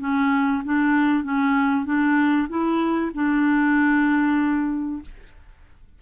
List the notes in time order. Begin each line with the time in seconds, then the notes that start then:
0.00 C#4
0.65 D4
1.24 C#4
1.85 D4
2.49 E4
3.14 D4